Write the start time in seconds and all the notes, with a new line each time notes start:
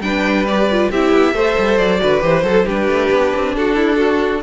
0.00 G3 D4 B4 G5
0.46 G4 D5
0.71 F4
0.91 C4 E4 G4 E5
1.12 B3
1.33 A3 A4 C5
1.59 G3
1.78 F#3 D5
1.99 D3 F#4 B4
2.20 E3 G4 C5
2.43 F#3 A4
2.65 G3 D4 G4 B4
2.88 A3
3.11 B3
3.35 C4
3.55 D4 F#4 A4
3.75 E4
3.97 F#4